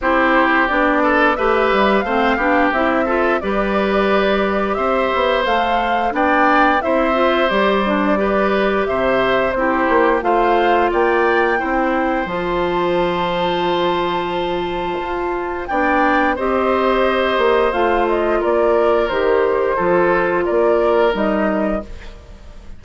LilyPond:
<<
  \new Staff \with { instrumentName = "flute" } { \time 4/4 \tempo 4 = 88 c''4 d''4 e''4 f''4 | e''4 d''2 e''4 | f''4 g''4 e''4 d''4~ | d''4 e''4 c''4 f''4 |
g''2 a''2~ | a''2. g''4 | dis''2 f''8 dis''8 d''4 | c''2 d''4 dis''4 | }
  \new Staff \with { instrumentName = "oboe" } { \time 4/4 g'4. a'8 b'4 c''8 g'8~ | g'8 a'8 b'2 c''4~ | c''4 d''4 c''2 | b'4 c''4 g'4 c''4 |
d''4 c''2.~ | c''2. d''4 | c''2. ais'4~ | ais'4 a'4 ais'2 | }
  \new Staff \with { instrumentName = "clarinet" } { \time 4/4 e'4 d'4 g'4 c'8 d'8 | e'8 f'8 g'2. | a'4 d'4 e'8 f'8 g'8 d'8 | g'2 e'4 f'4~ |
f'4 e'4 f'2~ | f'2. d'4 | g'2 f'2 | g'4 f'2 dis'4 | }
  \new Staff \with { instrumentName = "bassoon" } { \time 4/4 c'4 b4 a8 g8 a8 b8 | c'4 g2 c'8 b8 | a4 b4 c'4 g4~ | g4 c4 c'8 ais8 a4 |
ais4 c'4 f2~ | f2 f'4 b4 | c'4. ais8 a4 ais4 | dis4 f4 ais4 g4 | }
>>